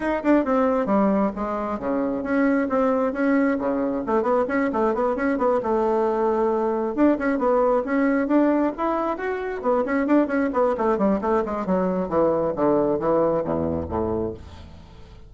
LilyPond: \new Staff \with { instrumentName = "bassoon" } { \time 4/4 \tempo 4 = 134 dis'8 d'8 c'4 g4 gis4 | cis4 cis'4 c'4 cis'4 | cis4 a8 b8 cis'8 a8 b8 cis'8 | b8 a2. d'8 |
cis'8 b4 cis'4 d'4 e'8~ | e'8 fis'4 b8 cis'8 d'8 cis'8 b8 | a8 g8 a8 gis8 fis4 e4 | d4 e4 e,4 a,4 | }